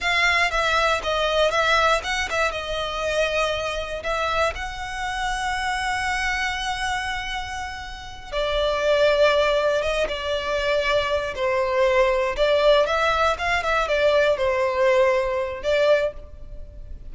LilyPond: \new Staff \with { instrumentName = "violin" } { \time 4/4 \tempo 4 = 119 f''4 e''4 dis''4 e''4 | fis''8 e''8 dis''2. | e''4 fis''2.~ | fis''1~ |
fis''8 d''2. dis''8 | d''2~ d''8 c''4.~ | c''8 d''4 e''4 f''8 e''8 d''8~ | d''8 c''2~ c''8 d''4 | }